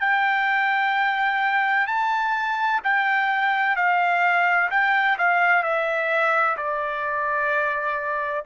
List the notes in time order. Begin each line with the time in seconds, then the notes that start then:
0.00 G5
1.87 A5
2.83 G5
3.76 F5
4.70 G5
5.18 F5
5.63 E5
6.57 D5